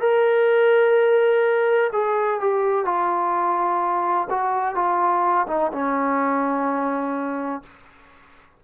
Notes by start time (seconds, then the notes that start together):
0.00 A#4
1.92 G#4
2.40 G4
2.84 F4
4.29 F#4
4.75 F4
5.47 D#4
5.72 C#4